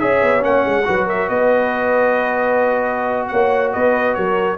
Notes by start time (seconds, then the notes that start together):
0.00 C#4 G#4 C#5 E5
0.23 B3
0.41 A#3 C#4 F#5
0.65 G#3
0.85 F#3 F#4 B4
1.07 A#4 E5
1.27 B3 B4 D#5
3.28 A#3 C#5 F#5
3.73 B3 B4 D#5
4.15 F#3 A#4 C#5